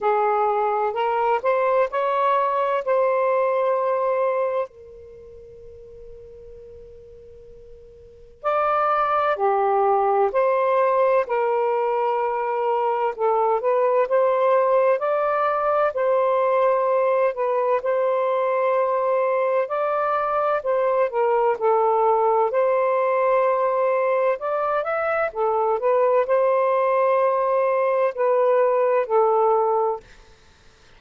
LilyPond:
\new Staff \with { instrumentName = "saxophone" } { \time 4/4 \tempo 4 = 64 gis'4 ais'8 c''8 cis''4 c''4~ | c''4 ais'2.~ | ais'4 d''4 g'4 c''4 | ais'2 a'8 b'8 c''4 |
d''4 c''4. b'8 c''4~ | c''4 d''4 c''8 ais'8 a'4 | c''2 d''8 e''8 a'8 b'8 | c''2 b'4 a'4 | }